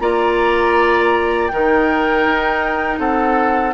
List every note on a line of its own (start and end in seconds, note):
0.00 1.50 A#3
0.00 1.50 F4
0.00 1.52 D5
0.00 1.48 A#5
1.48 2.26 D#3
1.48 3.74 D#4
1.48 2.99 A#4
1.48 2.98 G5
2.26 2.99 D#4
2.99 3.74 C4
2.99 3.74 A4
2.99 3.74 F#5